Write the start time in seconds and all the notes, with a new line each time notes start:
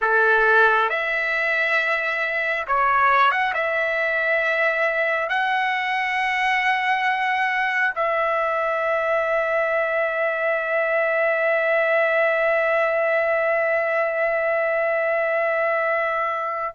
0.01 A4
0.89 E5
2.67 C#5
3.31 F#5
3.53 E5
5.29 F#5
7.95 E5